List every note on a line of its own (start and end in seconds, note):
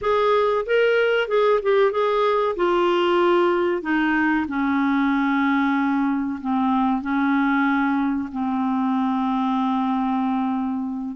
0.01 0.65 G#4
0.66 1.28 A#4
1.28 1.60 G#4
1.62 1.91 G4
1.91 2.55 G#4
2.56 3.82 F4
3.82 4.46 D#4
4.48 6.39 C#4
6.40 7.01 C4
7.01 8.29 C#4
8.32 11.16 C4